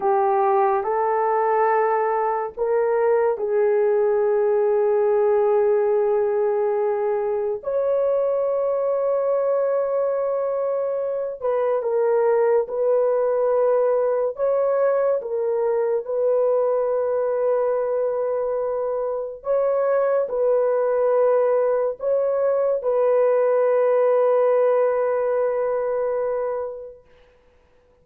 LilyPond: \new Staff \with { instrumentName = "horn" } { \time 4/4 \tempo 4 = 71 g'4 a'2 ais'4 | gis'1~ | gis'4 cis''2.~ | cis''4. b'8 ais'4 b'4~ |
b'4 cis''4 ais'4 b'4~ | b'2. cis''4 | b'2 cis''4 b'4~ | b'1 | }